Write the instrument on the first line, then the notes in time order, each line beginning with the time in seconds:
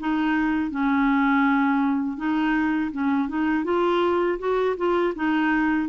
clarinet
0.00 D#4
0.71 C#4
2.17 D#4
2.92 C#4
3.29 D#4
3.65 F4
4.39 F#4
4.77 F4
5.16 D#4